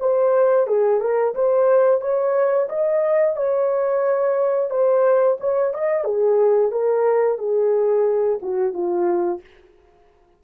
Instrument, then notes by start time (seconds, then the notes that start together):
horn
0.00 C5
0.67 G#4
1.01 A#4
1.35 C5
2.01 C#5
2.69 D#5
3.36 C#5
4.71 C5
5.41 C#5
5.74 D#5
6.05 G#4
6.71 A#4
7.39 G#4
8.42 F#4
8.74 F4